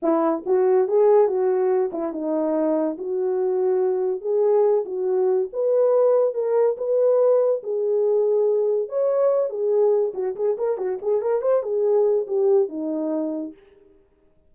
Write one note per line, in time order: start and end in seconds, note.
0.02 0.44 E4
0.46 0.87 F#4
0.87 1.27 G#4
1.27 1.91 F#4
1.92 2.12 E4
2.12 2.97 D#4
2.98 4.21 F#4
4.21 4.84 G#4
4.85 5.48 F#4
5.53 6.34 B4
6.34 6.76 A#4
6.77 7.61 B4
7.63 8.88 G#4
8.88 9.49 C#5
9.49 10.13 G#4
10.14 10.35 F#4
10.35 10.56 G#4
10.57 10.77 A#4
10.77 10.98 F#4
11.02 11.21 G#4
11.21 11.41 A#4
11.41 11.63 C5
11.63 12.26 G#4
12.27 12.68 G4
12.68 13.53 D#4